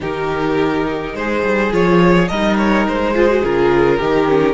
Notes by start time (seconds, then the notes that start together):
0.00 D#3 D#4 G4 A#4
1.14 G#3 G#4 C5
1.43 G3
1.71 F3 F4 C#5
2.28 G3 D#4 A#4 D#5
2.57 C#5
2.87 G#3 C5
3.15 F4 G#4
3.28 F#4
3.43 C#3 F4 A#4
3.98 D#3 D#4 G4
4.28 C#4